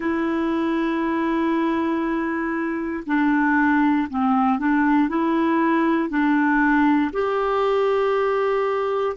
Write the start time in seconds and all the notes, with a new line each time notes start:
0.00 E4
3.06 D4
4.09 C4
4.58 D4
5.08 E4
6.09 D4
7.12 G4